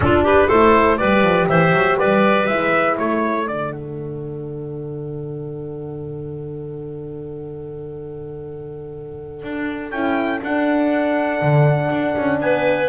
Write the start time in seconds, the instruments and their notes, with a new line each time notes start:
0.00 double bass D4, horn D4, clarinet F4, trumpet A4
0.23 clarinet G4, trumpet B4
0.47 double bass A3, horn E4, clarinet A4, trumpet C5
0.97 double bass G3, horn G4, clarinet B4, trumpet D5
1.22 double bass F3
1.48 double bass E3, clarinet C5, trumpet E5
1.73 double bass F#3
1.98 double bass G3, clarinet B4, trumpet D5
2.46 double bass G#3, horn E4, trumpet E5
2.96 double bass A3, clarinet A4, trumpet C#5
3.47 double bass D3, horn D4, trumpet D5
3.72 trumpet F#5
9.43 double bass D4
9.90 double bass C#4, horn E4, trumpet G5
10.41 horn D4, double bass D4, trumpet F#5
11.41 double bass D3
11.91 double bass D4
12.17 double bass C#4
12.40 double bass B3, clarinet B4, trumpet G#5